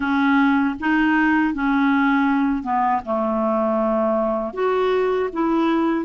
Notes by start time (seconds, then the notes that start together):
0.00 C#4
0.79 D#4
1.54 C#4
2.63 B3
3.05 A3
4.53 F#4
5.32 E4